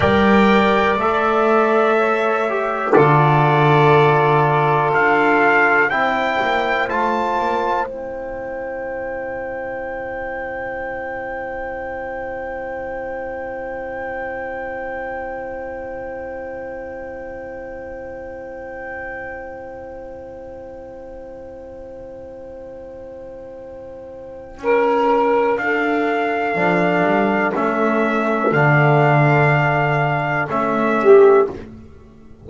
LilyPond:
<<
  \new Staff \with { instrumentName = "trumpet" } { \time 4/4 \tempo 4 = 61 g''4 e''2 d''4~ | d''4 f''4 g''4 a''4 | g''1~ | g''1~ |
g''1~ | g''1~ | g''2 f''2 | e''4 f''2 e''4 | }
  \new Staff \with { instrumentName = "saxophone" } { \time 4/4 d''2 cis''4 a'4~ | a'2 c''2~ | c''1~ | c''1~ |
c''1~ | c''1~ | c''4 ais'4 a'2~ | a'2.~ a'8 g'8 | }
  \new Staff \with { instrumentName = "trombone" } { \time 4/4 ais'4 a'4. g'8 f'4~ | f'2 e'4 f'4 | e'1~ | e'1~ |
e'1~ | e'1~ | e'2. d'4 | cis'4 d'2 cis'4 | }
  \new Staff \with { instrumentName = "double bass" } { \time 4/4 g4 a2 d4~ | d4 d'4 c'8 ais8 a8 ais8 | c'1~ | c'1~ |
c'1~ | c'1~ | c'4 cis'4 d'4 f8 g8 | a4 d2 a4 | }
>>